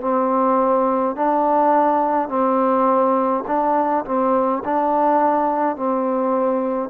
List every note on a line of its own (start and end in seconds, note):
0.00 1.15 C4
1.15 2.28 D4
2.28 3.44 C4
3.47 4.04 D4
4.05 4.63 C4
4.65 5.76 D4
5.76 6.90 C4